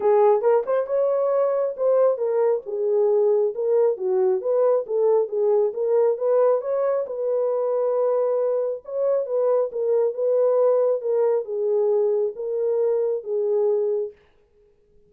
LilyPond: \new Staff \with { instrumentName = "horn" } { \time 4/4 \tempo 4 = 136 gis'4 ais'8 c''8 cis''2 | c''4 ais'4 gis'2 | ais'4 fis'4 b'4 a'4 | gis'4 ais'4 b'4 cis''4 |
b'1 | cis''4 b'4 ais'4 b'4~ | b'4 ais'4 gis'2 | ais'2 gis'2 | }